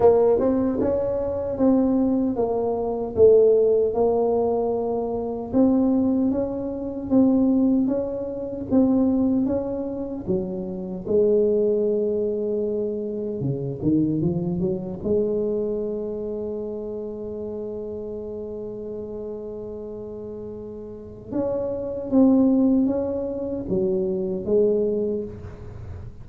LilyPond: \new Staff \with { instrumentName = "tuba" } { \time 4/4 \tempo 4 = 76 ais8 c'8 cis'4 c'4 ais4 | a4 ais2 c'4 | cis'4 c'4 cis'4 c'4 | cis'4 fis4 gis2~ |
gis4 cis8 dis8 f8 fis8 gis4~ | gis1~ | gis2. cis'4 | c'4 cis'4 fis4 gis4 | }